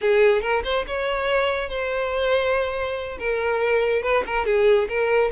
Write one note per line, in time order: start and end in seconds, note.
0.01 0.41 G#4
0.41 0.62 A#4
0.64 0.85 C5
0.87 1.69 C#5
1.69 3.18 C5
3.19 4.02 A#4
4.02 4.23 B4
4.26 4.45 A#4
4.45 4.88 G#4
4.88 5.31 A#4